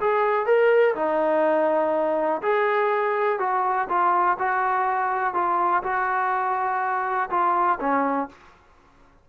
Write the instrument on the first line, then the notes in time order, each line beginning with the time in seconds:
trombone
0.00 G#4
0.46 A#4
0.95 D#4
2.42 G#4
3.39 F#4
3.89 F4
4.39 F#4
5.34 F4
5.83 F#4
7.30 F4
7.80 C#4